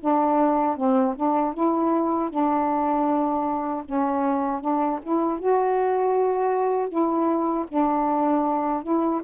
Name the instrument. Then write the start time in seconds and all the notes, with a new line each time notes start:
saxophone
0.00 D4
0.77 C4
1.16 D4
1.53 E4
2.30 D4
3.85 C#4
4.60 D4
5.02 E4
5.39 F#4
6.88 E4
7.68 D4
8.83 E4